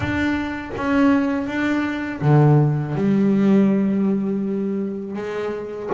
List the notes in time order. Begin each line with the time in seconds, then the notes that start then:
0.00 D4
0.76 C#4
1.46 D4
2.21 D3
2.95 G3
5.15 G#3